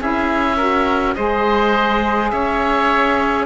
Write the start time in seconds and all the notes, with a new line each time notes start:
0.00 C#4 E4 G#4 E5
0.57 F#4 A#4
1.15 G#3 G#4 C5 D#5
2.31 C#4 C#5 E5